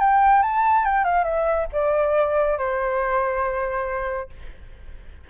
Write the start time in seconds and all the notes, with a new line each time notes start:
0.00 G5
0.43 A5
0.85 G5
1.05 F5
1.24 E5
1.72 D5
2.58 C5